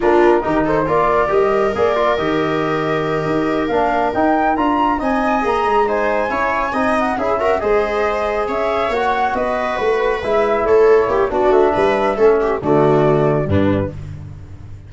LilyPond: <<
  \new Staff \with { instrumentName = "flute" } { \time 4/4 \tempo 4 = 138 ais'4. c''8 d''4 dis''4 | d''4 dis''2.~ | dis''8 f''4 g''4 ais''4 gis''8~ | gis''8 ais''4 gis''2~ gis''8 |
fis''8 e''4 dis''2 e''8~ | e''8 fis''4 dis''4 b'4 e''8~ | e''8 cis''4. d''8 e''4.~ | e''4 d''2 b'4 | }
  \new Staff \with { instrumentName = "viola" } { \time 4/4 f'4 g'8 a'8 ais'2~ | ais'1~ | ais'2.~ ais'8 dis''8~ | dis''4. c''4 cis''4 dis''8~ |
dis''8 gis'8 ais'8 c''2 cis''8~ | cis''4. b'2~ b'8~ | b'8 a'4 g'8 fis'4 b'4 | a'8 g'8 fis'2 d'4 | }
  \new Staff \with { instrumentName = "trombone" } { \time 4/4 d'4 dis'4 f'4 g'4 | gis'8 f'8 g'2.~ | g'8 d'4 dis'4 f'4 dis'8~ | dis'8 gis'4 dis'4 e'4 dis'8~ |
dis'8 e'8 fis'8 gis'2~ gis'8~ | gis'8 fis'2. e'8~ | e'2 d'2 | cis'4 a2 g4 | }
  \new Staff \with { instrumentName = "tuba" } { \time 4/4 ais4 dis4 ais4 g4 | ais4 dis2~ dis8 dis'8~ | dis'8 ais4 dis'4 d'4 c'8~ | c'8 ais8 gis4. cis'4 c'8~ |
c'8 cis'4 gis2 cis'8~ | cis'8 ais4 b4 a4 gis8~ | gis8 a4 ais8 b8 a8 g4 | a4 d2 g,4 | }
>>